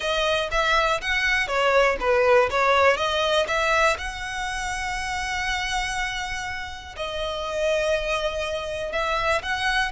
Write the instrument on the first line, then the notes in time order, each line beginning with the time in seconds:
violin
0.00 D#5
0.51 E5
1.01 F#5
1.47 C#5
1.99 B4
2.50 C#5
2.97 D#5
3.47 E5
3.98 F#5
6.96 D#5
8.92 E5
9.42 F#5